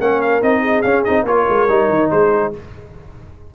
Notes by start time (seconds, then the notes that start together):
0.00 A#3 C#4 A#4 F#5
0.21 F5
0.42 C4 D#4 D#5
0.61 G#4
0.82 C#4 F5
1.05 C4 D#4 D#5
1.23 A#3 F4 A#4 C#5
1.49 G#3
1.68 G3 D#4
1.89 D#3
2.11 G#3 G#4 C5